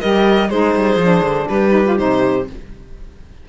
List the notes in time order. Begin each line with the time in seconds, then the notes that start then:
0.00 G3 G4 A#4 D#5
0.49 G#3 D#4 G#4 C5
0.75 G3
0.96 F3 D4
1.21 D3
1.48 G3 G4 B4
1.70 D#4
1.86 F4
1.97 C3 D#4 C5